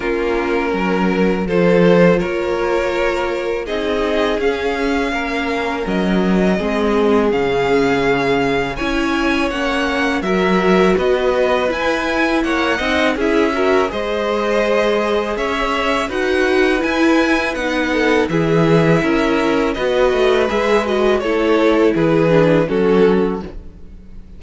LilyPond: <<
  \new Staff \with { instrumentName = "violin" } { \time 4/4 \tempo 4 = 82 ais'2 c''4 cis''4~ | cis''4 dis''4 f''2 | dis''2 f''2 | gis''4 fis''4 e''4 dis''4 |
gis''4 fis''4 e''4 dis''4~ | dis''4 e''4 fis''4 gis''4 | fis''4 e''2 dis''4 | e''8 dis''8 cis''4 b'4 a'4 | }
  \new Staff \with { instrumentName = "violin" } { \time 4/4 f'4 ais'4 a'4 ais'4~ | ais'4 gis'2 ais'4~ | ais'4 gis'2. | cis''2 ais'4 b'4~ |
b'4 cis''8 dis''8 gis'8 ais'8 c''4~ | c''4 cis''4 b'2~ | b'8 a'8 gis'4 ais'4 b'4~ | b'4 a'4 gis'4 fis'4 | }
  \new Staff \with { instrumentName = "viola" } { \time 4/4 cis'2 f'2~ | f'4 dis'4 cis'2~ | cis'4 c'4 cis'2 | e'4 cis'4 fis'2 |
e'4. dis'8 e'8 fis'8 gis'4~ | gis'2 fis'4 e'4 | dis'4 e'2 fis'4 | gis'8 fis'8 e'4. d'8 cis'4 | }
  \new Staff \with { instrumentName = "cello" } { \time 4/4 ais4 fis4 f4 ais4~ | ais4 c'4 cis'4 ais4 | fis4 gis4 cis2 | cis'4 ais4 fis4 b4 |
e'4 ais8 c'8 cis'4 gis4~ | gis4 cis'4 dis'4 e'4 | b4 e4 cis'4 b8 a8 | gis4 a4 e4 fis4 | }
>>